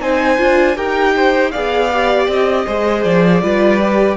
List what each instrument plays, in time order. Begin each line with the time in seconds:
0.00 cello C4, viola D#4, violin C5 G#5
0.38 cello D4, viola F4
0.76 cello D#4, viola G4, violin A#4 G5
1.16 violin C5
1.51 cello B3, viola G#4, violin D5 F5
1.93 viola G4
2.27 cello C4, violin D#5
2.66 cello G#3, viola G#4, violin C5
3.03 cello F3, violin D5
3.42 cello G3, viola F4, violin B4
3.81 viola G4